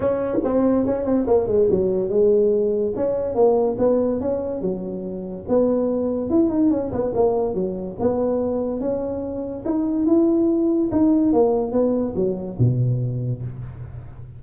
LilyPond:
\new Staff \with { instrumentName = "tuba" } { \time 4/4 \tempo 4 = 143 cis'4 c'4 cis'8 c'8 ais8 gis8 | fis4 gis2 cis'4 | ais4 b4 cis'4 fis4~ | fis4 b2 e'8 dis'8 |
cis'8 b8 ais4 fis4 b4~ | b4 cis'2 dis'4 | e'2 dis'4 ais4 | b4 fis4 b,2 | }